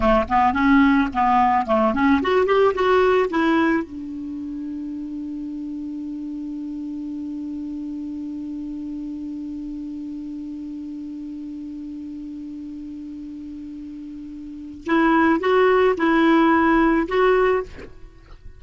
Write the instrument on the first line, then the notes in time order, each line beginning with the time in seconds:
clarinet
0.00 A3
0.29 B3
0.53 C#4
1.13 B3
1.66 A3
1.93 C#4
2.22 F#4
2.45 G4
2.74 F#4
3.30 E4
3.83 D4
14.86 E4
15.40 F#4
15.97 E4
17.08 F#4